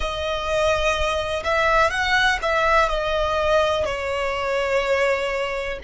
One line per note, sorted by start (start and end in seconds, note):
0.00 1.43 D#5
1.44 1.90 E5
1.90 2.38 F#5
2.42 2.89 E5
2.89 3.84 D#5
3.84 5.78 C#5